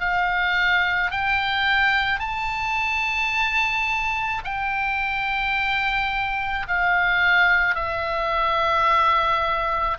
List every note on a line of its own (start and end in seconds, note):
0.00 1.11 F5
1.11 2.19 G5
2.19 4.41 A5
4.44 6.67 G5
6.68 7.75 F5
7.75 9.97 E5